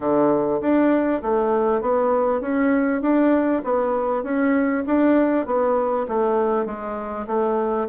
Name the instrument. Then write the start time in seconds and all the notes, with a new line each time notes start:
bassoon
0.00 D3
0.61 D4
1.21 A3
1.81 B3
2.40 C#4
3.01 D4
3.64 B3
4.23 C#4
4.86 D4
5.45 B3
6.08 A3
6.65 G#3
7.26 A3